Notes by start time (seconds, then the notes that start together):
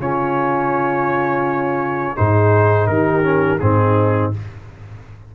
0.00 C#3 C#4 F4 C#5
2.16 G#2 D#4 G#4 C5
2.87 D#3 G4 A#4
3.23 C#4
3.60 G#2 C4 D#4 G#4